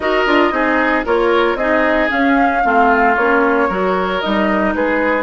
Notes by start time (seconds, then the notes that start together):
0.00 D#4 F#4 A#4 D#5
0.26 D4 F4
0.51 C4 D#4 G#4
1.05 A#3 F4 A#4 C#5
1.54 C4 D#4 G#4 D#5
2.08 C#4 F5
2.63 A3 C4 F4
3.15 A#3 C#4 C#5
3.68 F#3 F#4 A#4
4.21 G3 D#4 D#5
4.74 G#3 G#4 B4